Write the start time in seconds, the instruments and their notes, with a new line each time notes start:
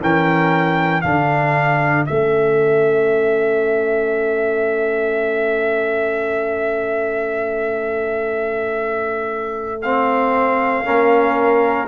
0.00 tuba E3, trombone C#4, horn A#4, trumpet G5
1.01 tuba D3, trombone D4, horn A4, trumpet F5
2.06 tuba A3, trombone C#4, trumpet E5
9.81 trombone C4, trumpet F5
10.84 tuba A#3, trombone C#4, horn A#4